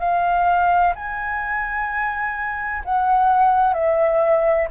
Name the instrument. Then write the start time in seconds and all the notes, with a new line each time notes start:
flute
0.00 F5
0.96 G#5
2.86 F#5
3.74 E5